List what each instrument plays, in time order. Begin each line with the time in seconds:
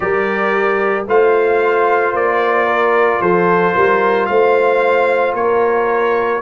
0.00 tuba G3, trombone G4, horn A#4, trumpet D5
1.06 tuba A3, trombone F4, horn C5, trumpet F5
2.12 tuba A#3, trumpet D5
2.66 horn A#4
3.20 tuba F3, horn A4, trumpet C5
3.74 tuba G3, horn A#4
4.26 tuba A3, horn C5, trumpet F5
5.33 tuba A#3, horn A#4, trumpet C#5